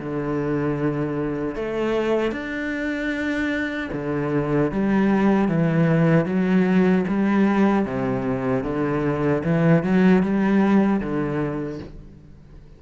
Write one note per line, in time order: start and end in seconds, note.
0.00 1.55 D3
1.55 2.32 A3
2.32 3.90 D4
3.93 4.72 D3
4.72 5.49 G3
5.49 6.26 E3
6.26 7.05 F#3
7.08 7.86 G3
7.86 8.64 C3
8.64 9.43 D3
9.44 9.84 E3
9.84 10.23 F#3
10.23 11.01 G3
11.01 11.80 D3